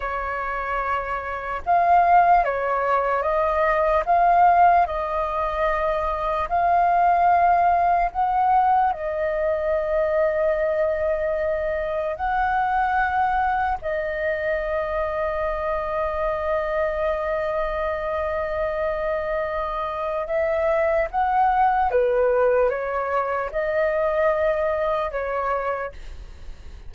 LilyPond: \new Staff \with { instrumentName = "flute" } { \time 4/4 \tempo 4 = 74 cis''2 f''4 cis''4 | dis''4 f''4 dis''2 | f''2 fis''4 dis''4~ | dis''2. fis''4~ |
fis''4 dis''2.~ | dis''1~ | dis''4 e''4 fis''4 b'4 | cis''4 dis''2 cis''4 | }